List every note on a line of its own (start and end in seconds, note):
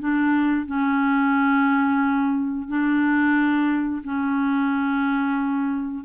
0.00 0.66 D4
0.66 2.68 C#4
2.68 4.03 D4
4.04 6.05 C#4